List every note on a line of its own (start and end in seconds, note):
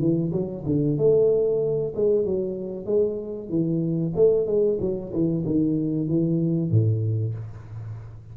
0.00 0.32 E3
0.32 0.64 F#3
0.66 0.98 D3
0.98 1.94 A3
1.96 2.25 G#3
2.25 2.86 F#3
2.86 3.49 G#3
3.49 4.13 E3
4.16 4.47 A3
4.47 4.79 G#3
4.80 5.12 F#3
5.13 5.45 E3
5.46 6.08 D#3
6.08 6.71 E3
6.71 7.35 A2